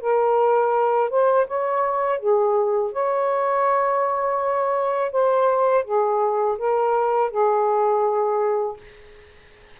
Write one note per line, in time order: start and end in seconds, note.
0.00 1.10 A#4
1.10 1.46 C5
1.47 2.19 C#5
2.19 2.92 G#4
2.92 5.12 C#5
5.12 5.84 C5
5.84 6.57 G#4
6.58 7.30 A#4
7.30 8.77 G#4